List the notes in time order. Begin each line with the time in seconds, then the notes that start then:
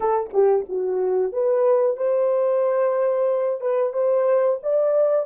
0.00 A4
0.33 G4
0.68 F#4
1.32 B4
1.96 C5
3.61 B4
3.93 C5
4.62 D5